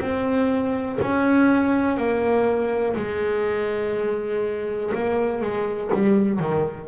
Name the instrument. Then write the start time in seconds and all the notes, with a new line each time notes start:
double bass
0.00 C4
1.01 C#4
1.97 A#3
2.96 G#3
4.94 A#3
5.41 G#3
5.93 G3
6.39 D#3